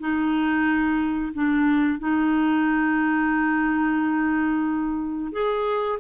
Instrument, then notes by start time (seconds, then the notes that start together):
clarinet
0.00 D#4
1.34 D4
1.99 D#4
5.32 G#4